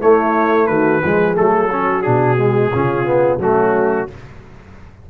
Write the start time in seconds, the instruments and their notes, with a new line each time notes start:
0.00 trombone A3, tuba A3, horn E4, trumpet C#5
0.67 tuba D#3, horn F#4, trumpet B4
1.03 tuba F3, trombone G#3, horn G#4
1.35 tuba F#3, trombone A3, trumpet A4
1.72 trombone C#4, horn F#4
2.03 tuba B2, trombone D4, trumpet G#4
2.38 trombone G#3
2.73 tuba C#3, trombone C#4, horn F4
3.05 trombone B3
3.38 tuba F#3, trombone A3, horn C#4, trumpet F#4